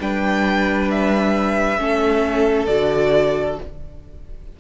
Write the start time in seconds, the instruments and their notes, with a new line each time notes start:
0.00 cello G3, viola D4, violin B4 G5
0.91 violin E5
1.78 cello A3, viola C#4, violin A4
2.67 cello D3, viola F#4, violin D5